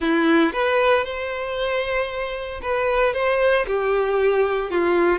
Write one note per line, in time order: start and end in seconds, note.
0.00 0.52 E4
0.52 1.04 B4
1.04 2.60 C5
2.62 3.13 B4
3.13 3.65 C5
3.66 4.71 G4
4.71 5.18 F4